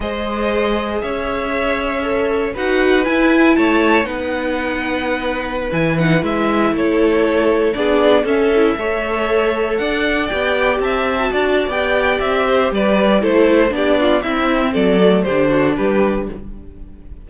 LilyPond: <<
  \new Staff \with { instrumentName = "violin" } { \time 4/4 \tempo 4 = 118 dis''2 e''2~ | e''4 fis''4 gis''4 a''4 | fis''2.~ fis''16 gis''8 fis''16~ | fis''16 e''4 cis''2 d''8.~ |
d''16 e''2. fis''8.~ | fis''16 g''4 a''4.~ a''16 g''4 | e''4 d''4 c''4 d''4 | e''4 d''4 c''4 b'4 | }
  \new Staff \with { instrumentName = "violin" } { \time 4/4 c''2 cis''2~ | cis''4 b'2 cis''4 | b'1~ | b'4~ b'16 a'2 gis'8.~ |
gis'16 a'4 cis''2 d''8.~ | d''4~ d''16 e''4 d''4.~ d''16~ | d''8 c''8 b'4 a'4 g'8 f'8 | e'4 a'4 g'8 fis'8 g'4 | }
  \new Staff \with { instrumentName = "viola" } { \time 4/4 gis'1 | a'4 fis'4 e'2 | dis'2.~ dis'16 e'8 dis'16~ | dis'16 e'2. d'8.~ |
d'16 cis'8 e'8 a'2~ a'8.~ | a'16 g'4.~ g'16 fis'4 g'4~ | g'2 e'4 d'4 | c'4. a8 d'2 | }
  \new Staff \with { instrumentName = "cello" } { \time 4/4 gis2 cis'2~ | cis'4 dis'4 e'4 a4 | b2.~ b16 e8.~ | e16 gis4 a2 b8.~ |
b16 cis'4 a2 d'8.~ | d'16 b4 c'4 d'8. b4 | c'4 g4 a4 b4 | c'4 fis4 d4 g4 | }
>>